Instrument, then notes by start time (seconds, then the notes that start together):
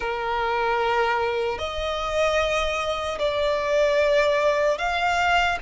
violin
0.00 A#4
1.58 D#5
3.19 D5
4.78 F5